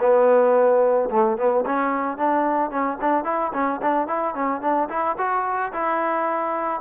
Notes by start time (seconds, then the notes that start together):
0.00 B3
1.10 A3
1.37 B3
1.65 C#4
2.17 D4
2.70 C#4
3.00 D4
3.24 E4
3.53 C#4
3.82 D4
4.07 E4
4.34 C#4
4.61 D4
4.89 E4
5.17 F#4
5.72 E4